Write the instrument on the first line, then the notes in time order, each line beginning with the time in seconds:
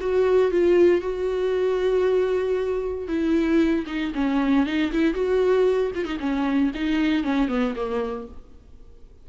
viola
0.00 F#4
0.51 F4
1.01 F#4
3.08 E4
3.87 D#4
4.14 C#4
4.66 D#4
4.92 E4
5.14 F#4
5.95 F4
6.05 D#4
6.20 C#4
6.75 D#4
7.24 C#4
7.48 B3
7.76 A#3